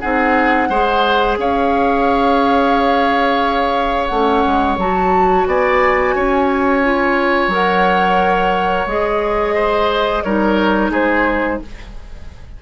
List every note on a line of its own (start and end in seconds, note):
0.00 0.69 C4
0.00 0.70 D#4
0.00 0.68 G#4
0.00 1.37 F#5
0.69 1.37 G#3
0.69 4.11 G#4
0.69 1.38 C5
1.37 4.10 C#4
1.37 5.48 C#5
1.37 4.07 F5
4.07 4.44 A3
4.07 4.79 C#4
4.07 4.75 F#5
4.46 4.77 G#3
4.77 5.45 F#3
4.77 6.83 F#4
4.77 5.47 A5
5.46 6.15 B3
5.46 6.15 D5
5.46 7.52 G#5
6.15 7.48 C#4
6.15 9.55 C#5
6.83 7.51 F4
7.48 8.84 F#3
7.48 8.88 A#4
7.48 8.87 F#5
8.86 10.22 G#3
8.86 10.24 G#4
8.86 10.23 D#5
9.55 10.23 C5
10.23 10.90 G3
10.23 11.62 D#4
10.23 10.91 A#4
10.23 10.91 C#5
10.90 11.58 G#3
10.90 11.60 G#4
10.90 11.62 C5